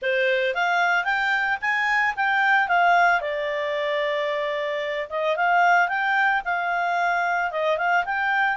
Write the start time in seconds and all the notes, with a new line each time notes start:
0.01 C5
0.54 F5
1.04 G5
1.61 G#5
2.16 G5
2.68 F5
3.20 D5
5.09 D#5
5.36 F5
5.88 G5
6.44 F5
7.51 D#5
7.77 F5
8.05 G5